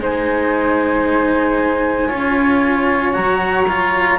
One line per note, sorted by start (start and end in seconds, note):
0.00 2.11 G#3
0.00 2.09 D#4
0.00 2.08 C5
0.00 3.15 G#5
2.08 3.16 C#4
2.08 3.13 F4
2.08 4.19 C#5
3.13 4.19 F#3
3.13 3.66 F#4
3.13 4.19 A#5
3.69 4.19 F4